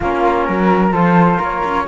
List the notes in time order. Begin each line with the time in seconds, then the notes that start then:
0.00 A#3 C#4 F4 A#4
0.45 F#3 A#4
0.91 F3 F4 A4 C5
1.37 A#3 A#4
1.44 C#5
1.64 C#4